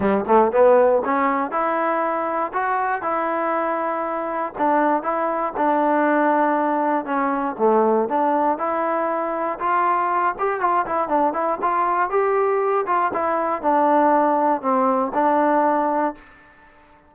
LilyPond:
\new Staff \with { instrumentName = "trombone" } { \time 4/4 \tempo 4 = 119 g8 a8 b4 cis'4 e'4~ | e'4 fis'4 e'2~ | e'4 d'4 e'4 d'4~ | d'2 cis'4 a4 |
d'4 e'2 f'4~ | f'8 g'8 f'8 e'8 d'8 e'8 f'4 | g'4. f'8 e'4 d'4~ | d'4 c'4 d'2 | }